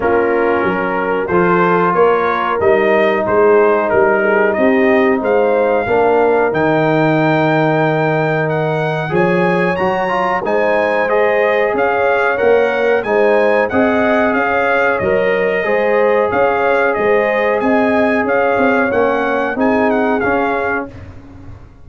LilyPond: <<
  \new Staff \with { instrumentName = "trumpet" } { \time 4/4 \tempo 4 = 92 ais'2 c''4 cis''4 | dis''4 c''4 ais'4 dis''4 | f''2 g''2~ | g''4 fis''4 gis''4 ais''4 |
gis''4 dis''4 f''4 fis''4 | gis''4 fis''4 f''4 dis''4~ | dis''4 f''4 dis''4 gis''4 | f''4 fis''4 gis''8 fis''8 f''4 | }
  \new Staff \with { instrumentName = "horn" } { \time 4/4 f'4 ais'4 a'4 ais'4~ | ais'4 gis'4 ais'8 gis'8 g'4 | c''4 ais'2.~ | ais'2 cis''2 |
c''2 cis''2 | c''4 dis''4 cis''2 | c''4 cis''4 c''4 dis''4 | cis''2 gis'2 | }
  \new Staff \with { instrumentName = "trombone" } { \time 4/4 cis'2 f'2 | dis'1~ | dis'4 d'4 dis'2~ | dis'2 gis'4 fis'8 f'8 |
dis'4 gis'2 ais'4 | dis'4 gis'2 ais'4 | gis'1~ | gis'4 cis'4 dis'4 cis'4 | }
  \new Staff \with { instrumentName = "tuba" } { \time 4/4 ais4 fis4 f4 ais4 | g4 gis4 g4 c'4 | gis4 ais4 dis2~ | dis2 f4 fis4 |
gis2 cis'4 ais4 | gis4 c'4 cis'4 fis4 | gis4 cis'4 gis4 c'4 | cis'8 c'8 ais4 c'4 cis'4 | }
>>